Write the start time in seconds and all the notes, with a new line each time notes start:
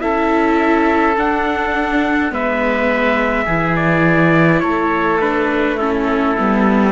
0.00 C#4 E4 A4 E5
1.16 D4 F#5
2.31 G#3 B3 B4 E5
3.45 E3 E4 G#4
3.76 D5
4.60 A3 A4 C#5
5.21 D4 B4
5.76 C#4 E4 A4
6.37 G3 B3